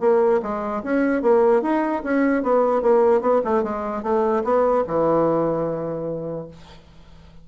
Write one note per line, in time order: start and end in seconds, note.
0.00 0.40 A#3
0.42 0.82 G#3
0.83 1.22 C#4
1.22 1.62 A#3
1.62 2.02 D#4
2.03 2.43 C#4
2.43 2.82 B3
2.82 3.21 A#3
3.21 3.41 B3
3.44 3.63 A3
3.63 4.03 G#3
4.03 4.43 A3
4.44 4.84 B3
4.87 6.48 E3